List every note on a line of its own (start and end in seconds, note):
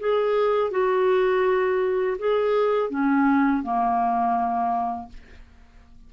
0.00 0.71 G#4
0.71 2.18 F#4
2.19 2.90 G#4
2.90 3.63 C#4
3.63 5.09 A#3